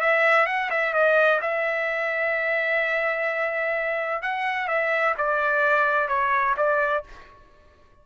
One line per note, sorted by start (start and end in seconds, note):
0.00 0.46 E5
0.46 0.69 F#5
0.70 0.93 E5
0.93 1.40 D#5
1.41 4.22 E5
4.22 4.67 F#5
4.67 5.14 E5
5.17 6.08 D5
6.08 6.55 C#5
6.57 7.04 D5